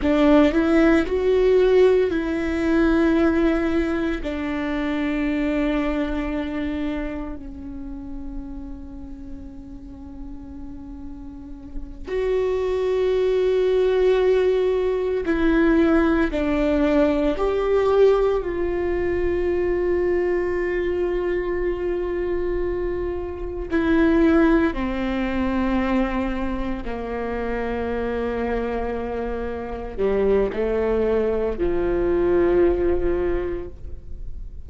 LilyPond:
\new Staff \with { instrumentName = "viola" } { \time 4/4 \tempo 4 = 57 d'8 e'8 fis'4 e'2 | d'2. cis'4~ | cis'2.~ cis'8 fis'8~ | fis'2~ fis'8 e'4 d'8~ |
d'8 g'4 f'2~ f'8~ | f'2~ f'8 e'4 c'8~ | c'4. ais2~ ais8~ | ais8 g8 a4 f2 | }